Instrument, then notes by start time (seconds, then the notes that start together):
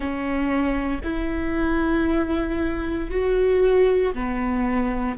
viola
0.00 C#4
1.03 E4
3.10 F#4
4.14 B3